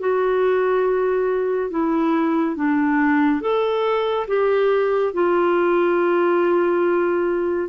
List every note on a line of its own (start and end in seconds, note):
0.00 1.70 F#4
1.70 2.56 E4
2.56 3.41 D4
3.41 4.27 A4
4.28 5.14 G4
5.14 7.69 F4